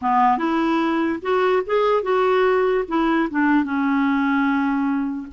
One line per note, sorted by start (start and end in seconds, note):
0.01 0.37 B3
0.37 1.19 E4
1.22 1.63 F#4
1.66 2.02 G#4
2.02 2.84 F#4
2.88 3.29 E4
3.30 3.63 D4
3.63 5.27 C#4